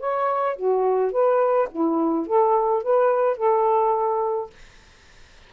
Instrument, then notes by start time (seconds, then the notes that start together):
saxophone
0.00 C#5
0.57 F#4
1.12 B4
1.72 E4
2.27 A4
2.84 B4
3.38 A4